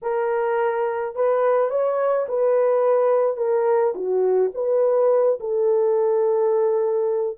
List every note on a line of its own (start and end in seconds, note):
0.02 1.15 A#4
1.15 1.70 B4
1.70 2.26 C#5
2.28 3.37 B4
3.37 3.93 A#4
3.94 4.51 F#4
4.54 5.39 B4
5.40 7.37 A4